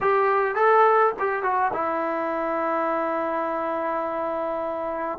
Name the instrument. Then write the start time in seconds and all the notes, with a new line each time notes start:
trombone
0.01 G4
0.55 A4
1.19 G4
1.42 F#4
1.73 E4